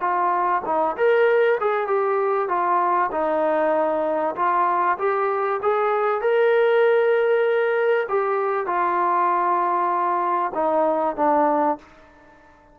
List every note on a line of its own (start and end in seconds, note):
0.00 0.62 F4
0.65 0.96 D#4
0.96 1.58 A#4
1.60 1.87 G#4
1.87 2.48 G4
2.48 3.10 F4
3.12 4.35 D#4
4.35 4.97 F4
4.98 5.60 G4
5.62 6.21 G#4
6.21 8.06 A#4
8.09 8.66 G4
8.66 10.52 F4
10.54 11.16 D#4
11.16 11.78 D4